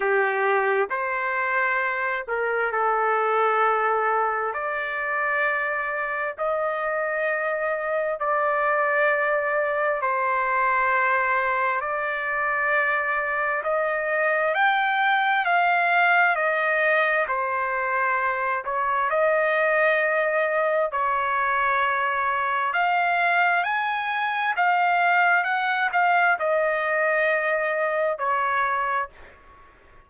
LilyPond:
\new Staff \with { instrumentName = "trumpet" } { \time 4/4 \tempo 4 = 66 g'4 c''4. ais'8 a'4~ | a'4 d''2 dis''4~ | dis''4 d''2 c''4~ | c''4 d''2 dis''4 |
g''4 f''4 dis''4 c''4~ | c''8 cis''8 dis''2 cis''4~ | cis''4 f''4 gis''4 f''4 | fis''8 f''8 dis''2 cis''4 | }